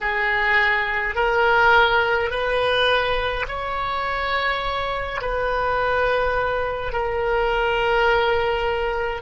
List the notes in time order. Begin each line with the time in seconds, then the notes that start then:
0.00 G#4
1.15 A#4
2.30 B4
3.48 C#5
5.21 B4
6.92 A#4